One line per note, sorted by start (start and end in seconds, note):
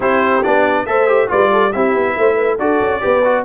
0.00 0.43 C4
0.00 0.42 E4
0.00 0.85 G4
0.00 0.43 C5
0.43 0.86 B3
0.43 0.86 D4
0.43 0.86 D5
0.86 1.29 A3
0.86 1.07 A4
0.86 1.29 C5
0.86 1.29 E5
1.07 1.28 G4
1.28 1.74 G3
1.28 1.71 F4
1.28 1.51 B4
1.28 1.72 D5
1.52 1.73 A4
1.72 1.94 C4
1.72 2.59 E4
1.72 2.18 G4
1.72 2.58 E5
1.94 2.16 B3
2.16 2.58 A3
2.16 2.35 C5
2.35 2.56 B4
2.58 2.80 D4
2.58 3.00 F#4
2.58 3.02 A4
2.58 3.44 D5
2.80 3.02 C#4
3.00 3.44 B3
3.00 3.22 G4
3.00 3.44 B4
3.24 3.44 F#4